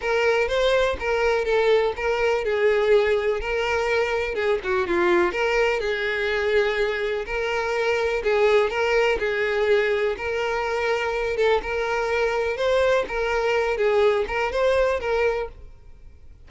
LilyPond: \new Staff \with { instrumentName = "violin" } { \time 4/4 \tempo 4 = 124 ais'4 c''4 ais'4 a'4 | ais'4 gis'2 ais'4~ | ais'4 gis'8 fis'8 f'4 ais'4 | gis'2. ais'4~ |
ais'4 gis'4 ais'4 gis'4~ | gis'4 ais'2~ ais'8 a'8 | ais'2 c''4 ais'4~ | ais'8 gis'4 ais'8 c''4 ais'4 | }